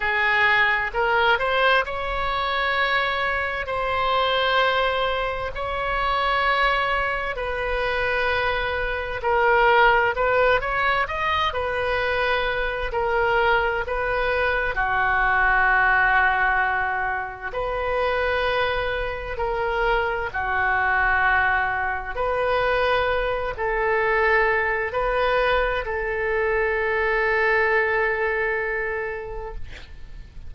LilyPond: \new Staff \with { instrumentName = "oboe" } { \time 4/4 \tempo 4 = 65 gis'4 ais'8 c''8 cis''2 | c''2 cis''2 | b'2 ais'4 b'8 cis''8 | dis''8 b'4. ais'4 b'4 |
fis'2. b'4~ | b'4 ais'4 fis'2 | b'4. a'4. b'4 | a'1 | }